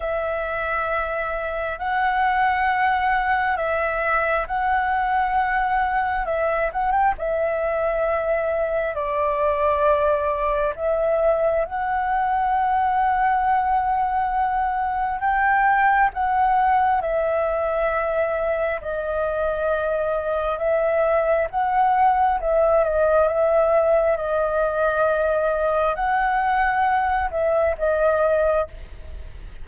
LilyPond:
\new Staff \with { instrumentName = "flute" } { \time 4/4 \tempo 4 = 67 e''2 fis''2 | e''4 fis''2 e''8 fis''16 g''16 | e''2 d''2 | e''4 fis''2.~ |
fis''4 g''4 fis''4 e''4~ | e''4 dis''2 e''4 | fis''4 e''8 dis''8 e''4 dis''4~ | dis''4 fis''4. e''8 dis''4 | }